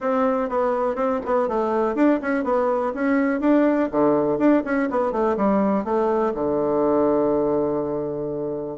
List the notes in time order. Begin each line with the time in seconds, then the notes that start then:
0.00 C4
0.49 B3
0.95 C4
1.25 B3
1.48 A3
1.95 D4
2.21 C#4
2.43 B3
2.94 C#4
3.40 D4
3.91 D3
4.38 D4
4.65 C#4
4.90 B3
5.12 A3
5.36 G3
5.84 A3
6.34 D3